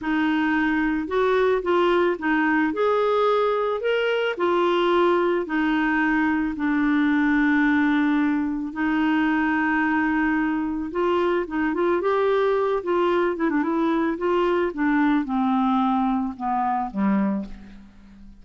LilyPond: \new Staff \with { instrumentName = "clarinet" } { \time 4/4 \tempo 4 = 110 dis'2 fis'4 f'4 | dis'4 gis'2 ais'4 | f'2 dis'2 | d'1 |
dis'1 | f'4 dis'8 f'8 g'4. f'8~ | f'8 e'16 d'16 e'4 f'4 d'4 | c'2 b4 g4 | }